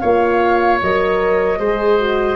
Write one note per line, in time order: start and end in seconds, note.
0.00 0.82 A#3
0.00 0.81 F4
0.00 1.59 C#5
0.00 0.79 F5
0.82 1.59 F#3
0.82 1.60 A#4
0.82 2.36 D#5
1.59 2.36 G#3
1.59 1.99 G#4
1.59 2.36 C5
1.99 2.36 F#4